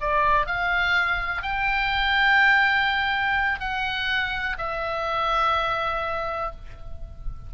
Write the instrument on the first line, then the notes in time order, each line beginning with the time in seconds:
oboe
0.00 D5
0.46 F5
1.42 G5
3.59 F#5
4.57 E5